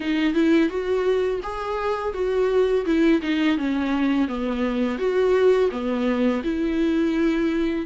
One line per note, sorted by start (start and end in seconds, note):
0.00 0.33 D#4
0.33 0.69 E4
0.69 1.40 F#4
1.42 2.13 G#4
2.13 2.85 F#4
2.85 3.21 E4
3.22 3.57 D#4
3.57 4.28 C#4
4.28 4.98 B3
4.98 5.69 F#4
5.71 6.42 B3
6.43 7.86 E4